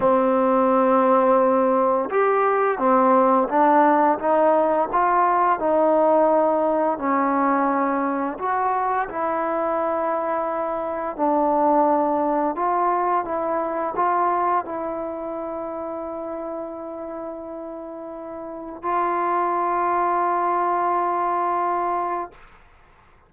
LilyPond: \new Staff \with { instrumentName = "trombone" } { \time 4/4 \tempo 4 = 86 c'2. g'4 | c'4 d'4 dis'4 f'4 | dis'2 cis'2 | fis'4 e'2. |
d'2 f'4 e'4 | f'4 e'2.~ | e'2. f'4~ | f'1 | }